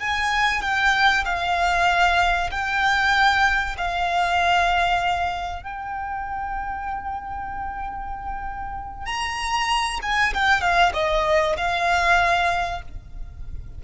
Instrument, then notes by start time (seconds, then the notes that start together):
violin
0.00 G#5
0.62 G5
1.25 F5
2.51 G5
3.78 F5
5.63 G5
9.06 A#5
10.02 G#5
10.34 G5
10.61 F5
10.94 D#5
11.57 F5